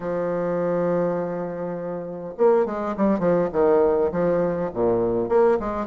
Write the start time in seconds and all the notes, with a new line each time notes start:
0.00 F3
2.37 A#3
2.65 G#3
2.97 G3
3.19 F3
3.52 D#3
4.11 F3
4.73 A#2
5.28 A#3
5.59 G#3